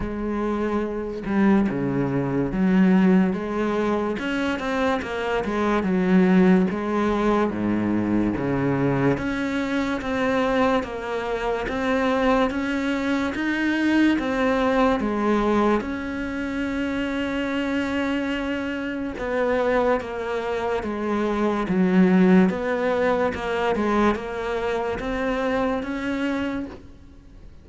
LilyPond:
\new Staff \with { instrumentName = "cello" } { \time 4/4 \tempo 4 = 72 gis4. g8 cis4 fis4 | gis4 cis'8 c'8 ais8 gis8 fis4 | gis4 gis,4 cis4 cis'4 | c'4 ais4 c'4 cis'4 |
dis'4 c'4 gis4 cis'4~ | cis'2. b4 | ais4 gis4 fis4 b4 | ais8 gis8 ais4 c'4 cis'4 | }